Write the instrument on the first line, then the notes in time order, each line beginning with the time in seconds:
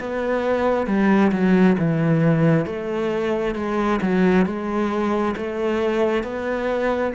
cello
0.00 B3
0.87 G3
1.32 F#3
1.79 E3
2.66 A3
3.56 G#3
4.02 F#3
4.46 G#3
5.37 A3
6.24 B3